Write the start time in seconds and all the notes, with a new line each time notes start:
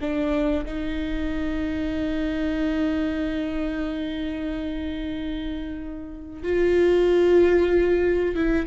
0.00 D4
0.65 D#4
6.43 F4
8.35 E4